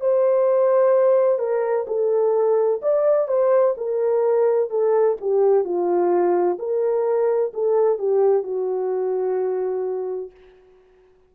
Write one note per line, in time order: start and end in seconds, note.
0.00 1.38 C5
1.38 1.85 A#4
1.87 2.80 A4
2.82 3.28 D5
3.28 3.75 C5
3.77 4.70 A#4
4.70 5.16 A4
5.21 5.64 G4
5.64 6.58 F4
6.58 7.52 A#4
7.53 7.98 A4
7.98 8.43 G4
8.43 10.30 F#4